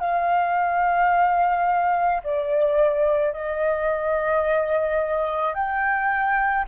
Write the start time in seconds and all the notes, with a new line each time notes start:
0.00 F5
2.24 D5
3.33 D#5
5.55 G5